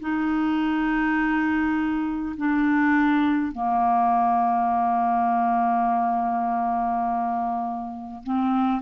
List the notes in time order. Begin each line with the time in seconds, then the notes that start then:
0.00 D#4
2.37 D4
3.52 A#3
8.24 C4